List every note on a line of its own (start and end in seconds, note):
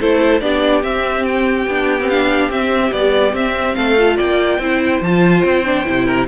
0.00 0.42 A3
0.00 0.41 E4
0.00 0.42 A4
0.00 0.41 C5
0.41 0.83 B3
0.41 0.83 D4
0.41 3.77 G4
0.41 0.83 D5
0.83 1.66 C4
0.83 1.67 C4
0.83 1.25 E5
1.25 2.09 G5
1.67 2.49 B3
1.67 2.01 D4
2.01 2.11 C4
2.09 2.51 D4
2.09 2.51 F5
2.49 2.91 C4
2.49 2.93 C4
2.49 2.93 E5
2.92 3.35 G3
2.92 3.33 B3
2.92 3.35 D5
3.33 3.75 C4
3.33 3.97 C4
3.33 3.75 E5
3.75 4.20 A3
3.75 4.17 A4
3.75 4.17 F5
3.97 4.60 F4
4.17 4.58 A#3
4.17 4.59 D5
4.17 5.03 G5
4.58 5.00 C4
4.58 5.03 E4
4.58 6.06 C5
5.02 5.44 F3
5.02 5.65 F4
5.02 5.43 A5
5.43 5.86 C4
5.43 6.26 G5
5.65 5.85 D4
5.85 6.28 C3
5.85 6.27 E4
6.06 6.27 A#4